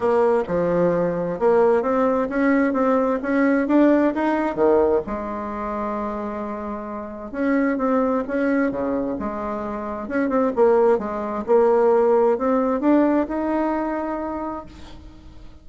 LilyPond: \new Staff \with { instrumentName = "bassoon" } { \time 4/4 \tempo 4 = 131 ais4 f2 ais4 | c'4 cis'4 c'4 cis'4 | d'4 dis'4 dis4 gis4~ | gis1 |
cis'4 c'4 cis'4 cis4 | gis2 cis'8 c'8 ais4 | gis4 ais2 c'4 | d'4 dis'2. | }